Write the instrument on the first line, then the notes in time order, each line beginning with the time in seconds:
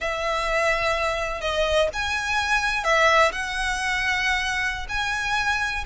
violin
0.00 E5
1.40 D#5
1.93 G#5
2.84 E5
3.31 F#5
4.89 G#5